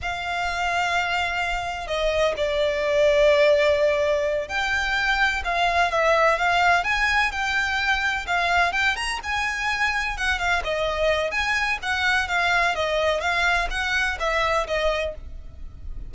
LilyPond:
\new Staff \with { instrumentName = "violin" } { \time 4/4 \tempo 4 = 127 f''1 | dis''4 d''2.~ | d''4. g''2 f''8~ | f''8 e''4 f''4 gis''4 g''8~ |
g''4. f''4 g''8 ais''8 gis''8~ | gis''4. fis''8 f''8 dis''4. | gis''4 fis''4 f''4 dis''4 | f''4 fis''4 e''4 dis''4 | }